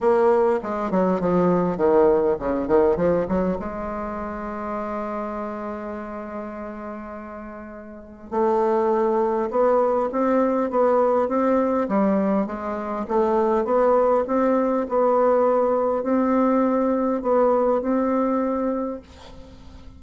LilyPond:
\new Staff \with { instrumentName = "bassoon" } { \time 4/4 \tempo 4 = 101 ais4 gis8 fis8 f4 dis4 | cis8 dis8 f8 fis8 gis2~ | gis1~ | gis2 a2 |
b4 c'4 b4 c'4 | g4 gis4 a4 b4 | c'4 b2 c'4~ | c'4 b4 c'2 | }